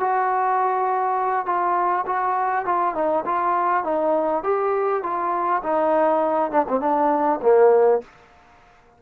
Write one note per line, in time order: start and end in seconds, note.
0.00 1.46 F#4
1.46 2.05 F4
2.07 2.66 F#4
2.66 2.95 F4
2.95 3.25 D#4
3.26 3.84 F4
3.84 4.43 D#4
4.44 5.03 G4
5.03 5.63 F4
5.63 6.51 D#4
6.51 6.66 D4
6.68 6.80 C4
6.80 7.40 D4
7.42 8.02 A#3